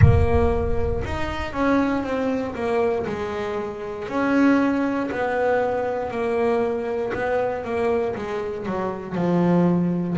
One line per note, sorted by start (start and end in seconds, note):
0.01 1.03 A#3
1.04 1.53 D#4
1.53 2.03 C#4
2.03 2.54 C4
2.54 3.05 A#3
3.06 4.08 G#3
4.08 5.09 C#4
5.11 6.11 B3
6.11 7.12 A#3
7.13 7.64 B3
7.64 8.15 A#3
8.15 8.65 G#3
8.65 9.15 F#3
9.15 10.16 F3